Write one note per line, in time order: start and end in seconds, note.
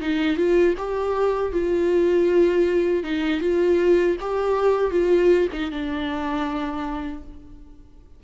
0.00 0.36 D#4
0.36 0.74 F4
0.77 1.52 G4
1.52 3.03 F4
3.03 3.40 D#4
3.40 4.16 F4
4.20 4.91 G4
4.91 5.48 F4
5.52 5.71 D#4
5.71 7.23 D4